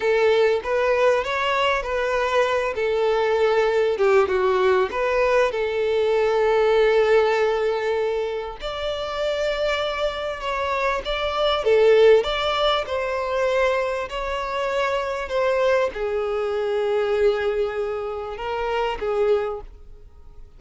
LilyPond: \new Staff \with { instrumentName = "violin" } { \time 4/4 \tempo 4 = 98 a'4 b'4 cis''4 b'4~ | b'8 a'2 g'8 fis'4 | b'4 a'2.~ | a'2 d''2~ |
d''4 cis''4 d''4 a'4 | d''4 c''2 cis''4~ | cis''4 c''4 gis'2~ | gis'2 ais'4 gis'4 | }